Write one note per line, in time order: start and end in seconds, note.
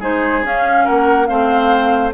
0.00 0.44 G#3
0.00 0.44 D#4
0.00 0.85 G#4
0.00 0.45 C5
0.44 0.86 C#4
0.44 1.28 C#4
0.44 0.87 F5
0.85 1.30 A#3
0.85 1.27 A#4
0.85 1.27 F#5
1.27 2.14 A3
1.27 2.13 C4
1.27 2.14 C5
1.27 2.12 F5